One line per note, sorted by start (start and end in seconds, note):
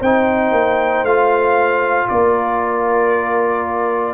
0.00 0.52 C4
0.00 1.07 D#4
0.00 2.07 C5
0.00 1.05 G5
0.52 1.04 A#3
1.04 2.07 A3
1.04 4.15 F4
1.04 2.09 F5
2.09 4.15 A#3
2.09 4.15 A#4
2.09 4.15 D5